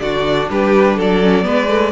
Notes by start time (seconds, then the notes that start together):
0.00 D3 D4 F#4 D5
0.50 G3 G4 B4
0.96 F#3 A4 D5
1.23 C#4
1.42 G#3 B3 B4
1.69 A3